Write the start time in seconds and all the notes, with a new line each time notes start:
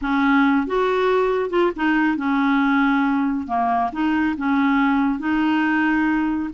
0.01 C#4
0.66 F#4
1.50 F4
1.76 D#4
2.16 C#4
3.47 A#3
3.92 D#4
4.37 C#4
5.19 D#4